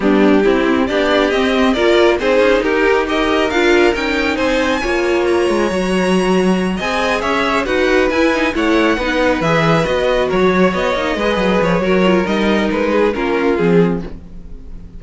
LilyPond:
<<
  \new Staff \with { instrumentName = "violin" } { \time 4/4 \tempo 4 = 137 g'2 d''4 dis''4 | d''4 c''4 ais'4 dis''4 | f''4 g''4 gis''2 | ais''2.~ ais''8 gis''8~ |
gis''8 e''4 fis''4 gis''4 fis''8~ | fis''4. e''4 dis''4 cis''8~ | cis''8 dis''2 cis''4. | dis''4 b'4 ais'4 gis'4 | }
  \new Staff \with { instrumentName = "violin" } { \time 4/4 d'4 e'4 g'2 | ais'4 gis'4 g'4 ais'4~ | ais'2 c''4 cis''4~ | cis''2.~ cis''8 dis''8~ |
dis''8 cis''4 b'2 cis''8~ | cis''8 b'2. ais'16 cis''16~ | cis''4. b'4. ais'4~ | ais'4. gis'8 f'2 | }
  \new Staff \with { instrumentName = "viola" } { \time 4/4 b4 c'4 d'4 c'4 | f'4 dis'2 g'4 | f'4 dis'2 f'4~ | f'4 fis'2~ fis'8 gis'8~ |
gis'4. fis'4 e'8 dis'8 e'8~ | e'8 dis'4 gis'4 fis'4.~ | fis'4 dis'8 gis'4. fis'8 f'8 | dis'2 cis'4 c'4 | }
  \new Staff \with { instrumentName = "cello" } { \time 4/4 g4 c'4 b4 c'4 | ais4 c'8 cis'8 dis'2 | d'4 cis'4 c'4 ais4~ | ais8 gis8 fis2~ fis8 c'8~ |
c'8 cis'4 dis'4 e'4 a8~ | a8 b4 e4 b4 fis8~ | fis8 b8 ais8 gis8 fis8 f8 fis4 | g4 gis4 ais4 f4 | }
>>